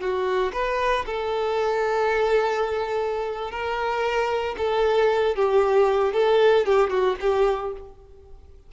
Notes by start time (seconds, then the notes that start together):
0.00 F#4
0.53 B4
1.06 A4
3.51 A#4
4.58 A4
5.35 G4
6.14 A4
6.66 G4
6.90 F#4
7.20 G4